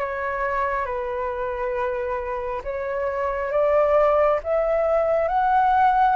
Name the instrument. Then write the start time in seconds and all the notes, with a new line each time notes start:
flute
0.00 C#5
0.85 B4
2.64 C#5
3.51 D5
4.44 E5
5.28 F#5